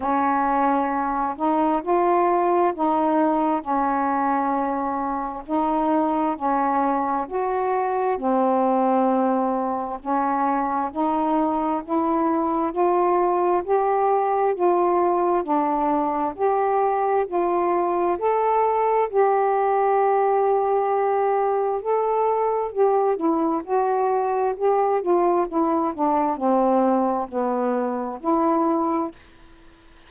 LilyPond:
\new Staff \with { instrumentName = "saxophone" } { \time 4/4 \tempo 4 = 66 cis'4. dis'8 f'4 dis'4 | cis'2 dis'4 cis'4 | fis'4 c'2 cis'4 | dis'4 e'4 f'4 g'4 |
f'4 d'4 g'4 f'4 | a'4 g'2. | a'4 g'8 e'8 fis'4 g'8 f'8 | e'8 d'8 c'4 b4 e'4 | }